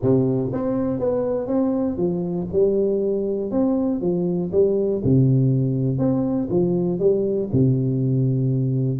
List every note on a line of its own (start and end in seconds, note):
0.02 0.52 C3
0.53 0.99 C4
0.99 1.47 B3
1.47 1.97 C4
1.97 2.47 F3
2.52 3.51 G3
3.51 4.01 C4
4.01 4.51 F3
4.52 5.02 G3
5.04 5.98 C3
5.98 6.48 C4
6.50 6.99 F3
6.99 7.49 G3
7.52 8.99 C3